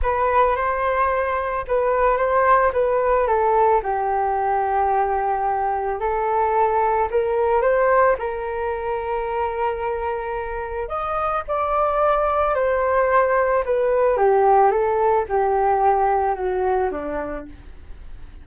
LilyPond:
\new Staff \with { instrumentName = "flute" } { \time 4/4 \tempo 4 = 110 b'4 c''2 b'4 | c''4 b'4 a'4 g'4~ | g'2. a'4~ | a'4 ais'4 c''4 ais'4~ |
ais'1 | dis''4 d''2 c''4~ | c''4 b'4 g'4 a'4 | g'2 fis'4 d'4 | }